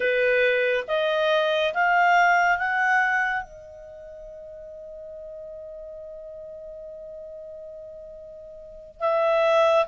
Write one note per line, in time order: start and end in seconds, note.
0.00 0.84 B4
0.87 1.73 D#5
1.74 2.58 F5
2.58 3.43 F#5
3.43 9.00 D#5
9.00 9.85 E5